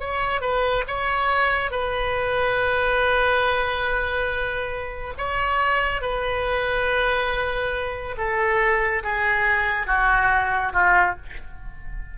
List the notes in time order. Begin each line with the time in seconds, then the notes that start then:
0.00 C#5
0.41 B4
0.88 C#5
1.71 B4
5.18 C#5
6.02 B4
8.18 A4
9.04 G#4
9.87 F#4
10.73 F4